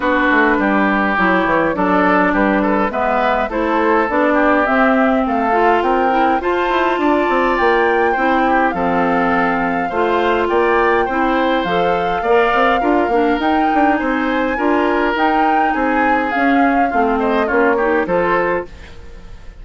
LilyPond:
<<
  \new Staff \with { instrumentName = "flute" } { \time 4/4 \tempo 4 = 103 b'2 cis''4 d''4 | b'4 e''4 c''4 d''4 | e''4 f''4 g''4 a''4~ | a''4 g''2 f''4~ |
f''2 g''2 | f''2. g''4 | gis''2 g''4 gis''4 | f''4. dis''8 cis''4 c''4 | }
  \new Staff \with { instrumentName = "oboe" } { \time 4/4 fis'4 g'2 a'4 | g'8 a'8 b'4 a'4. g'8~ | g'4 a'4 ais'4 c''4 | d''2 c''8 g'8 a'4~ |
a'4 c''4 d''4 c''4~ | c''4 d''4 ais'2 | c''4 ais'2 gis'4~ | gis'4 f'8 c''8 f'8 g'8 a'4 | }
  \new Staff \with { instrumentName = "clarinet" } { \time 4/4 d'2 e'4 d'4~ | d'4 b4 e'4 d'4 | c'4. f'4 e'8 f'4~ | f'2 e'4 c'4~ |
c'4 f'2 e'4 | a'4 ais'4 f'8 d'8 dis'4~ | dis'4 f'4 dis'2 | cis'4 c'4 cis'8 dis'8 f'4 | }
  \new Staff \with { instrumentName = "bassoon" } { \time 4/4 b8 a8 g4 fis8 e8 fis4 | g4 gis4 a4 b4 | c'4 a4 c'4 f'8 e'8 | d'8 c'8 ais4 c'4 f4~ |
f4 a4 ais4 c'4 | f4 ais8 c'8 d'8 ais8 dis'8 d'8 | c'4 d'4 dis'4 c'4 | cis'4 a4 ais4 f4 | }
>>